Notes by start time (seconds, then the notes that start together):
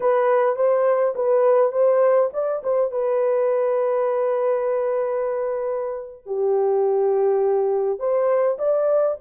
0.00 B4
0.56 C5
1.15 B4
1.72 C5
2.33 D5
2.63 C5
2.91 B4
6.26 G4
7.99 C5
8.58 D5